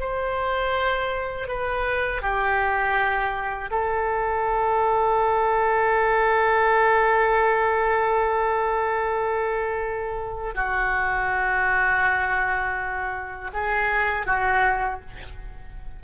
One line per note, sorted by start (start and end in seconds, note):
0.00 1.48 C5
1.48 2.22 B4
2.22 3.70 G4
3.71 10.55 A4
10.55 13.51 F#4
13.53 14.26 G#4
14.26 15.00 F#4